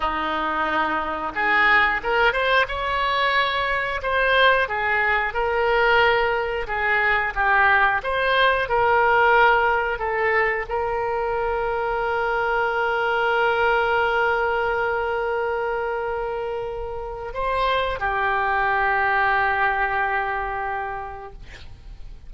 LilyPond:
\new Staff \with { instrumentName = "oboe" } { \time 4/4 \tempo 4 = 90 dis'2 gis'4 ais'8 c''8 | cis''2 c''4 gis'4 | ais'2 gis'4 g'4 | c''4 ais'2 a'4 |
ais'1~ | ais'1~ | ais'2 c''4 g'4~ | g'1 | }